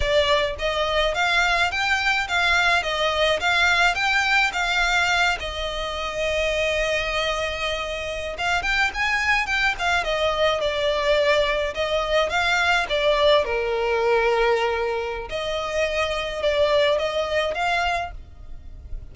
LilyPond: \new Staff \with { instrumentName = "violin" } { \time 4/4 \tempo 4 = 106 d''4 dis''4 f''4 g''4 | f''4 dis''4 f''4 g''4 | f''4. dis''2~ dis''8~ | dis''2~ dis''8. f''8 g''8 gis''16~ |
gis''8. g''8 f''8 dis''4 d''4~ d''16~ | d''8. dis''4 f''4 d''4 ais'16~ | ais'2. dis''4~ | dis''4 d''4 dis''4 f''4 | }